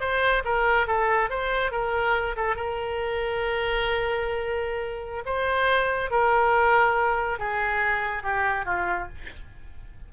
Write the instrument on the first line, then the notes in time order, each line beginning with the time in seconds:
oboe
0.00 C5
0.44 A#4
0.87 A4
1.30 C5
1.71 A#4
2.36 A4
2.56 A#4
5.25 C5
6.11 A#4
7.39 G#4
8.23 G4
8.65 F4